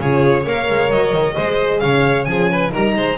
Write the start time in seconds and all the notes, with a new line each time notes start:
0.00 C#3 F4 G#4 C#5
0.44 A#3 A#4 C#5 F5
0.70 G#3
0.91 F#3 D#5
1.14 D#3
1.36 G#3 G#4 C5
1.80 C#3 C#5 F5
2.25 F3 C#4 G#4 G#5
2.51 B4
2.70 G3 D#4 A#4 A#5
2.96 G#3 C5